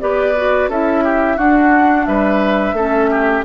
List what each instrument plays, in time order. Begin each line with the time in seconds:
0.00 bassoon B3, clarinet G4, oboe B4, flute D5
0.36 clarinet F#4
0.69 bassoon C#4, clarinet E4, oboe A4, flute E5
1.04 oboe G4
1.36 bassoon D4, clarinet D4, oboe F#4, flute F#5
2.05 bassoon G3, oboe B4, flute E5
2.73 bassoon A3, clarinet C#4, oboe A4
3.10 oboe G4